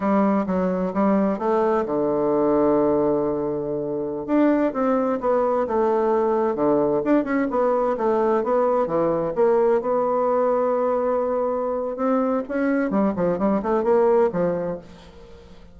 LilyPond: \new Staff \with { instrumentName = "bassoon" } { \time 4/4 \tempo 4 = 130 g4 fis4 g4 a4 | d1~ | d4~ d16 d'4 c'4 b8.~ | b16 a2 d4 d'8 cis'16~ |
cis'16 b4 a4 b4 e8.~ | e16 ais4 b2~ b8.~ | b2 c'4 cis'4 | g8 f8 g8 a8 ais4 f4 | }